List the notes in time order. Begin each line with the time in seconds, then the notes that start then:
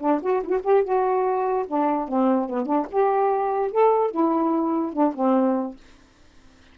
0.00 D4
0.22 F#4
0.43 E4 F#4
0.64 G4
0.83 F#4
1.67 D4
2.08 C4
2.49 B3
2.65 D4
2.91 G4
3.71 A4
4.11 E4
4.93 D4
5.14 C4